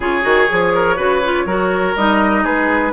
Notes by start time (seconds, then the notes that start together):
0.00 C#3 F4 G#4 C#5
0.21 D#3 F#4
0.48 F3 G#4
0.75 A#4
0.96 C#3 F#4 B4
1.23 F4
1.45 F#3 F#4 A#4
1.96 G3 D#4 D#5
2.43 G#3 G#4 B4